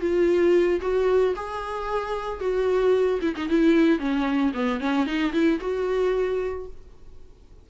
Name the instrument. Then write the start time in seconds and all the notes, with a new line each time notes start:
viola
0.00 F4
0.81 F#4
1.35 G#4
2.40 F#4
3.21 E4
3.36 D#4
3.48 E4
3.99 C#4
4.53 B3
4.80 C#4
5.06 D#4
5.32 E4
5.60 F#4